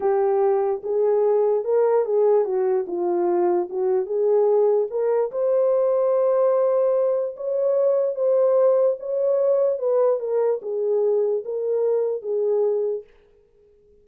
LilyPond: \new Staff \with { instrumentName = "horn" } { \time 4/4 \tempo 4 = 147 g'2 gis'2 | ais'4 gis'4 fis'4 f'4~ | f'4 fis'4 gis'2 | ais'4 c''2.~ |
c''2 cis''2 | c''2 cis''2 | b'4 ais'4 gis'2 | ais'2 gis'2 | }